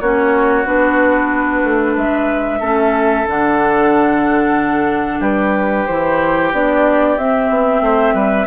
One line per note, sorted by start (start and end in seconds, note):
0.00 0.65 A#3
0.00 0.65 C#4
0.00 1.94 F#4
0.00 0.66 C#5
0.65 1.63 B3
0.65 2.60 D4
0.65 1.96 B4
1.63 1.96 A3
1.94 2.60 G#3
1.94 2.59 B4
1.94 3.27 E5
2.59 3.25 A3
2.59 3.26 C#4
2.59 5.19 A4
3.27 5.20 D3
3.27 5.87 D4
3.27 5.21 F#5
5.19 5.85 G3
5.19 7.80 G4
5.19 5.86 B4
5.86 6.52 E3
5.86 6.52 E4
5.86 6.51 C5
6.52 7.17 B3
6.52 7.17 D4
6.52 7.18 D5
7.17 7.49 C4
7.17 8.46 C4
7.17 8.46 E5
7.49 7.80 B3
7.80 8.13 A3
7.80 8.14 C5
8.13 8.46 G3
8.13 8.46 B4